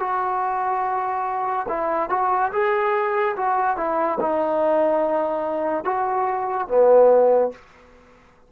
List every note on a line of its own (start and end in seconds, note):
0.00 1.67 F#4
1.69 2.10 E4
2.10 2.52 F#4
2.53 3.36 G#4
3.37 3.77 F#4
3.77 4.19 E4
4.21 5.85 D#4
5.85 6.68 F#4
6.69 7.52 B3